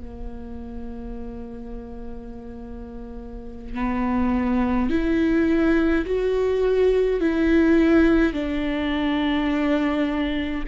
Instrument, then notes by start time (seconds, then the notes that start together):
viola
0.00 A#3
3.74 B3
4.89 E4
6.05 F#4
7.20 E4
8.33 D4